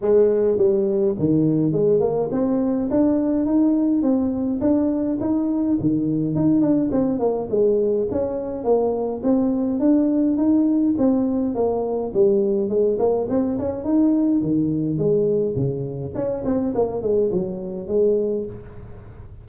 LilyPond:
\new Staff \with { instrumentName = "tuba" } { \time 4/4 \tempo 4 = 104 gis4 g4 dis4 gis8 ais8 | c'4 d'4 dis'4 c'4 | d'4 dis'4 dis4 dis'8 d'8 | c'8 ais8 gis4 cis'4 ais4 |
c'4 d'4 dis'4 c'4 | ais4 g4 gis8 ais8 c'8 cis'8 | dis'4 dis4 gis4 cis4 | cis'8 c'8 ais8 gis8 fis4 gis4 | }